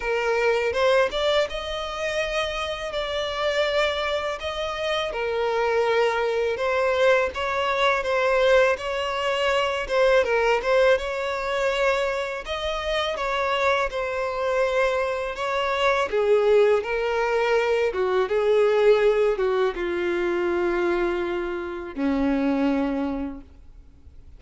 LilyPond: \new Staff \with { instrumentName = "violin" } { \time 4/4 \tempo 4 = 82 ais'4 c''8 d''8 dis''2 | d''2 dis''4 ais'4~ | ais'4 c''4 cis''4 c''4 | cis''4. c''8 ais'8 c''8 cis''4~ |
cis''4 dis''4 cis''4 c''4~ | c''4 cis''4 gis'4 ais'4~ | ais'8 fis'8 gis'4. fis'8 f'4~ | f'2 cis'2 | }